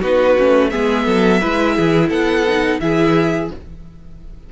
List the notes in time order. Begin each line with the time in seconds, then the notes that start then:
0.00 B3 D#4 F#4 B4
0.39 A3 C#4
0.70 G#3 B3 G#4 E5
1.06 F#3 A4
1.41 G#3 E4 B4
1.76 E3 G#4
2.09 B3 A4 F#5
2.48 D#4
2.80 E3 E4 G#4 E5